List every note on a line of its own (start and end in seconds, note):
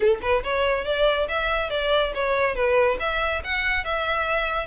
0.00 0.19 A4
0.22 0.43 B4
0.43 0.85 C#5
0.85 1.27 D5
1.28 1.70 E5
1.70 2.12 D5
2.14 2.55 C#5
2.55 2.97 B4
2.99 3.42 E5
3.44 3.84 F#5
3.84 4.66 E5